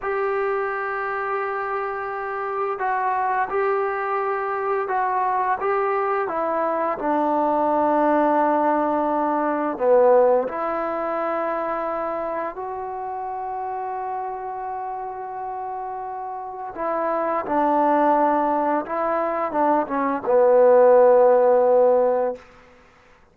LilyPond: \new Staff \with { instrumentName = "trombone" } { \time 4/4 \tempo 4 = 86 g'1 | fis'4 g'2 fis'4 | g'4 e'4 d'2~ | d'2 b4 e'4~ |
e'2 fis'2~ | fis'1 | e'4 d'2 e'4 | d'8 cis'8 b2. | }